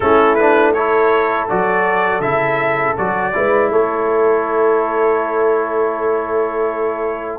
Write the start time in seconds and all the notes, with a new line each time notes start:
0.00 A3 C#4 E4 A4
0.35 D4 B4
0.73 E4 A4 C#5
1.49 F#3 F#4 D5
2.19 C#3 E4 E5
2.97 F#3 F#4 D5
3.33 G#3 E4 B4
3.70 A3 A4 C#5